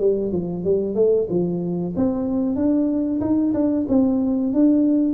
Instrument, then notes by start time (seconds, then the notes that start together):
tuba
0.00 G3
0.32 F3
0.65 G3
0.95 A3
1.29 F3
1.96 C4
2.56 D4
3.21 D#4
3.54 D4
3.89 C4
4.53 D4